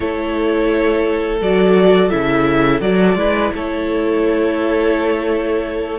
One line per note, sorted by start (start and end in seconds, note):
0.00 1.41 A3
0.00 1.39 E4
0.00 3.18 A4
0.00 1.39 C#5
1.41 2.11 F#3
1.41 2.09 F#4
1.41 2.09 D5
2.09 2.80 C#3
2.09 2.80 E4
2.09 2.80 E5
2.80 3.15 F#3
2.80 3.16 F#4
2.80 3.51 D5
3.15 3.50 G#3
3.15 5.99 E4
3.15 3.53 B4
3.54 5.99 A3
3.54 5.99 A4
3.54 5.99 C#5